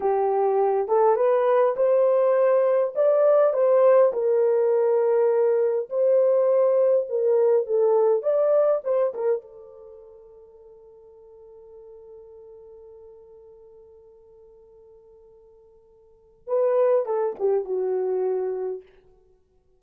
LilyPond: \new Staff \with { instrumentName = "horn" } { \time 4/4 \tempo 4 = 102 g'4. a'8 b'4 c''4~ | c''4 d''4 c''4 ais'4~ | ais'2 c''2 | ais'4 a'4 d''4 c''8 ais'8 |
a'1~ | a'1~ | a'1 | b'4 a'8 g'8 fis'2 | }